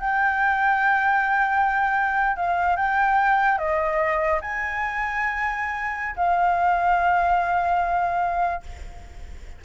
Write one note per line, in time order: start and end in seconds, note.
0.00 2.36 G5
2.36 2.76 F5
2.76 3.58 G5
3.58 4.40 D#5
4.41 6.16 G#5
6.16 8.62 F5